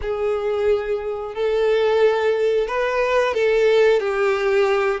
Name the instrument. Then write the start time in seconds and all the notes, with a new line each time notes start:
violin
0.01 G#4
1.35 A4
2.67 B4
3.33 A4
4.00 G4